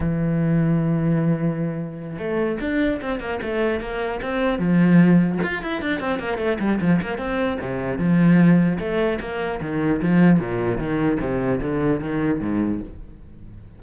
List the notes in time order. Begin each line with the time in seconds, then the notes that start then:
0.00 E3
2.18 A3
2.60 D4
3.01 C4
3.20 A#3
3.42 A3
3.80 A#3
4.22 C4
4.59 F3
5.43 F4
5.62 E4
5.81 D4
6.00 C4
6.19 A#3
6.37 A3
6.59 G3
6.80 F3
7.01 A#3
7.17 C4
7.60 C3
7.98 F3
8.79 A3
9.20 A#3
9.61 D#3
10.01 F3
10.39 A#2
10.77 D#3
11.20 C3
11.60 D3
12.00 D#3
12.40 G#2